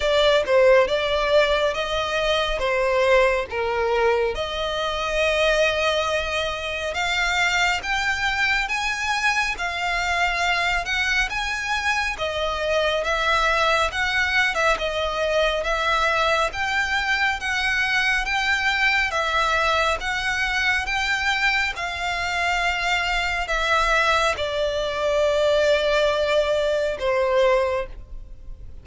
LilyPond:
\new Staff \with { instrumentName = "violin" } { \time 4/4 \tempo 4 = 69 d''8 c''8 d''4 dis''4 c''4 | ais'4 dis''2. | f''4 g''4 gis''4 f''4~ | f''8 fis''8 gis''4 dis''4 e''4 |
fis''8. e''16 dis''4 e''4 g''4 | fis''4 g''4 e''4 fis''4 | g''4 f''2 e''4 | d''2. c''4 | }